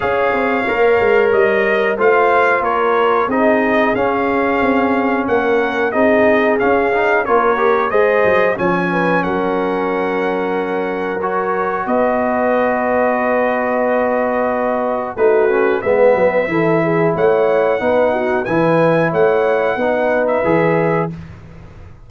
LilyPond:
<<
  \new Staff \with { instrumentName = "trumpet" } { \time 4/4 \tempo 4 = 91 f''2 dis''4 f''4 | cis''4 dis''4 f''2 | fis''4 dis''4 f''4 cis''4 | dis''4 gis''4 fis''2~ |
fis''4 cis''4 dis''2~ | dis''2. b'4 | e''2 fis''2 | gis''4 fis''4.~ fis''16 e''4~ e''16 | }
  \new Staff \with { instrumentName = "horn" } { \time 4/4 cis''2. c''4 | ais'4 gis'2. | ais'4 gis'2 ais'4 | c''4 cis''8 b'8 ais'2~ |
ais'2 b'2~ | b'2. fis'4 | b'4 a'8 gis'8 cis''4 b'8 fis'8 | b'4 cis''4 b'2 | }
  \new Staff \with { instrumentName = "trombone" } { \time 4/4 gis'4 ais'2 f'4~ | f'4 dis'4 cis'2~ | cis'4 dis'4 cis'8 dis'8 f'8 g'8 | gis'4 cis'2.~ |
cis'4 fis'2.~ | fis'2. dis'8 cis'8 | b4 e'2 dis'4 | e'2 dis'4 gis'4 | }
  \new Staff \with { instrumentName = "tuba" } { \time 4/4 cis'8 c'8 ais8 gis8 g4 a4 | ais4 c'4 cis'4 c'4 | ais4 c'4 cis'4 ais4 | gis8 fis8 f4 fis2~ |
fis2 b2~ | b2. a4 | gis8 fis8 e4 a4 b4 | e4 a4 b4 e4 | }
>>